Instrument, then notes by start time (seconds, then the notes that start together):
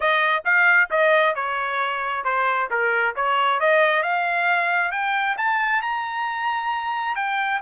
trumpet
0.00 D#5
0.44 F5
0.90 D#5
1.35 C#5
2.24 C5
2.70 A#4
3.15 C#5
3.60 D#5
4.02 F5
4.91 G5
5.37 A5
5.81 A#5
7.15 G5